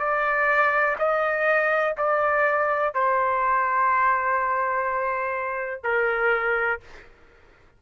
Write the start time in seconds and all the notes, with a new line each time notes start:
0.00 D5
0.99 D#5
1.98 D5
2.94 C5
5.84 A#4